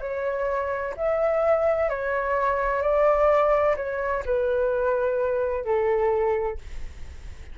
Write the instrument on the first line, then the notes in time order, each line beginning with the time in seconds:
flute
0.00 C#5
0.96 E5
1.89 C#5
2.82 D5
3.76 C#5
4.25 B4
5.64 A4